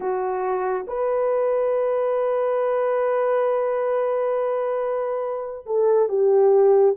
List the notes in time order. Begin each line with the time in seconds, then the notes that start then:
0.00 F#4
0.87 B4
5.66 A4
6.08 G4